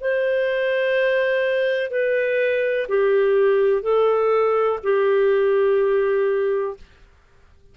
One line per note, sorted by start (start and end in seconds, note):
0.00 1.90 C5
1.90 2.87 B4
2.88 3.82 G4
3.82 4.79 A4
4.83 6.77 G4